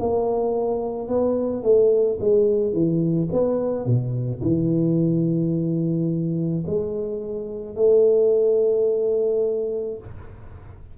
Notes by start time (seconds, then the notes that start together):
0.00 A#3
1.09 B3
1.63 A3
2.21 G#3
2.73 E3
3.32 B3
3.86 B2
4.43 E3
6.67 G#3
7.76 A3